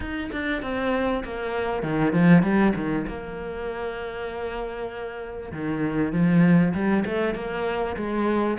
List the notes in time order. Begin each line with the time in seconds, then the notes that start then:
0.00 D#4
0.32 D4
0.62 C4
1.24 A#3
1.82 D#3
2.13 F3
2.42 G3
2.75 D#3
3.07 A#3
5.52 D#3
6.12 F3
6.73 G3
7.05 A3
7.34 A#3
7.96 G#3